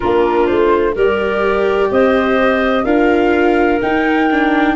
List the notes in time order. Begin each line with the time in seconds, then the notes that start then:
0.00 A#3 D4 F4 A#4
0.46 A3 C5
0.94 G3 G4 A#4 D5
1.90 C4 C5 D#5
2.84 D4 F4 A#4 F5
3.81 D#4 G5
4.31 D4